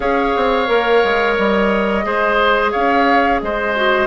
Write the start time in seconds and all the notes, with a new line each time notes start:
0.00 C#4 G#4 C#5 F5
0.36 C4
0.66 A#3 A#4
1.04 G#3
1.38 G3 D#5
2.03 G#3 G#4 C5
2.71 C#4 C#5 F5
3.40 G#3 C5 D#5
3.75 F#4